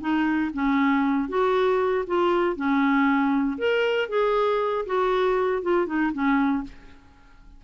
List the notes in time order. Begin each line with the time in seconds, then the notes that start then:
0.00 D#4
0.53 C#4
1.28 F#4
2.06 F4
2.56 C#4
3.58 A#4
4.09 G#4
4.86 F#4
5.62 F4
5.86 D#4
6.12 C#4